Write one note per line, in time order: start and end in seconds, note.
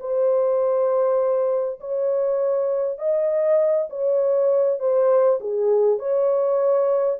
0.00 1.80 C5
1.81 2.98 C#5
2.98 3.88 D#5
3.90 4.80 C#5
4.80 5.40 C5
5.41 5.99 G#4
5.99 7.19 C#5